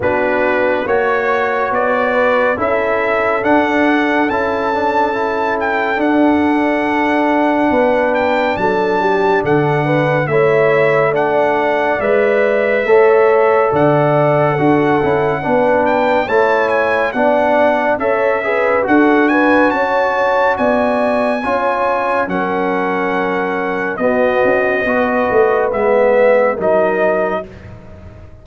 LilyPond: <<
  \new Staff \with { instrumentName = "trumpet" } { \time 4/4 \tempo 4 = 70 b'4 cis''4 d''4 e''4 | fis''4 a''4. g''8 fis''4~ | fis''4. g''8 a''4 fis''4 | e''4 fis''4 e''2 |
fis''2~ fis''8 g''8 a''8 gis''8 | fis''4 e''4 fis''8 gis''8 a''4 | gis''2 fis''2 | dis''2 e''4 dis''4 | }
  \new Staff \with { instrumentName = "horn" } { \time 4/4 fis'4 cis''4. b'8 a'4~ | a'1~ | a'4 b'4 a'8 g'8 a'8 b'8 | cis''4 d''2 cis''4 |
d''4 a'4 b'4 cis''4 | d''4 cis''8 b'8 a'8 b'8 cis''4 | d''4 cis''4 ais'2 | fis'4 b'2 ais'4 | }
  \new Staff \with { instrumentName = "trombone" } { \time 4/4 d'4 fis'2 e'4 | d'4 e'8 d'8 e'4 d'4~ | d'1 | e'4 d'4 b'4 a'4~ |
a'4 fis'8 e'8 d'4 e'4 | d'4 a'8 gis'8 fis'2~ | fis'4 f'4 cis'2 | b4 fis'4 b4 dis'4 | }
  \new Staff \with { instrumentName = "tuba" } { \time 4/4 b4 ais4 b4 cis'4 | d'4 cis'2 d'4~ | d'4 b4 fis4 d4 | a2 gis4 a4 |
d4 d'8 cis'8 b4 a4 | b4 cis'4 d'4 cis'4 | b4 cis'4 fis2 | b8 cis'8 b8 a8 gis4 fis4 | }
>>